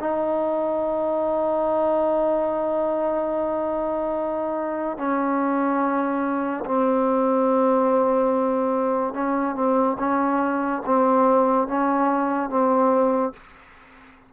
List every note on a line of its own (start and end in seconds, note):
0.00 4.98 D#4
4.98 6.65 C#4
6.66 9.14 C4
9.14 9.55 C#4
9.55 9.97 C4
9.99 10.83 C#4
10.86 11.68 C4
11.68 12.50 C#4
12.50 13.33 C4